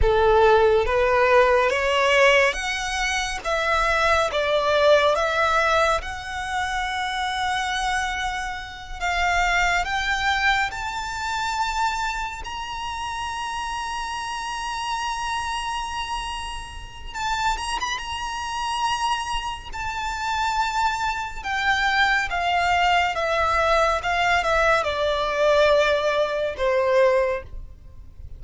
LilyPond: \new Staff \with { instrumentName = "violin" } { \time 4/4 \tempo 4 = 70 a'4 b'4 cis''4 fis''4 | e''4 d''4 e''4 fis''4~ | fis''2~ fis''8 f''4 g''8~ | g''8 a''2 ais''4.~ |
ais''1 | a''8 ais''16 b''16 ais''2 a''4~ | a''4 g''4 f''4 e''4 | f''8 e''8 d''2 c''4 | }